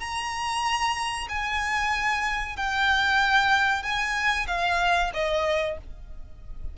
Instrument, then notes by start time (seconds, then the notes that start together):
violin
0.00 A#5
1.29 G#5
2.56 G5
3.82 G#5
4.47 F5
5.14 D#5